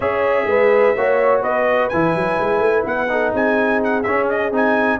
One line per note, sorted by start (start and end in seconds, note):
0.00 0.45 C#4
0.00 0.96 G#4
0.00 0.46 C#5
0.00 1.41 E5
0.45 0.93 G#3
0.45 0.95 B4
0.95 1.43 A#3
0.95 1.92 F#4
0.95 1.41 C#5
1.41 1.90 B3
1.41 3.08 B4
1.41 1.89 D#5
1.89 2.15 E3
1.89 3.08 E4
1.89 2.84 G#5
2.15 2.39 F#3
2.39 2.59 G#3
2.59 2.82 A3
2.85 3.33 B3
2.85 3.34 F#5
3.08 4.03 D#4
3.08 3.32 A4
3.32 4.05 C4
3.32 4.99 G#4
3.32 3.83 G#5
3.83 4.02 F#5
4.02 4.52 C#4
4.02 4.51 C#4
4.02 4.26 E5
4.29 4.53 D#5
4.51 4.99 C4
4.51 4.99 D#4
4.51 4.99 G#5